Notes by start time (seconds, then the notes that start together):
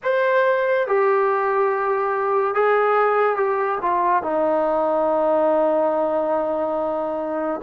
0.03 C5
0.87 G4
2.54 G#4
3.36 G4
3.81 F4
4.23 D#4